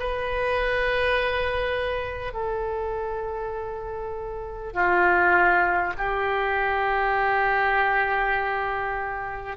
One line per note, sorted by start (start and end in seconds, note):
0.00 2.33 B4
2.33 4.73 A4
4.73 5.93 F4
5.98 9.57 G4